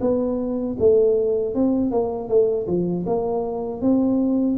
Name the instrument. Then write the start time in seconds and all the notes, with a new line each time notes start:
tuba
0.00 B3
0.79 A3
1.54 C4
1.91 A#3
2.28 A3
2.67 F3
3.06 A#3
3.81 C4